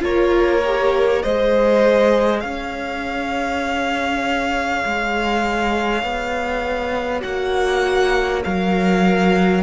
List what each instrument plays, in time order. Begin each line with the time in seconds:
0.00 cello A#3, viola F4, violin A#4 C#5
0.64 viola G4
1.22 cello G#3, viola G#4, violin C5 D#5
2.40 cello C#4, violin C#5 F5
4.85 cello G#3
6.03 cello B3
7.21 cello A#3, viola F#4, violin F#5
8.44 cello F#3, viola A#4, violin F5